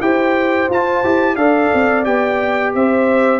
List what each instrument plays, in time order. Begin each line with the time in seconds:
0.00 tuba E4, trombone G4, horn C5, trumpet G5
0.69 tuba F4, trombone F4, trumpet A5
1.03 tuba E4, trombone G4
1.35 tuba D4, trombone A4, horn D5, trumpet F5
1.73 tuba C4
2.04 tuba B3, trombone G4, trumpet G5
2.74 tuba C4, horn C5, trumpet E5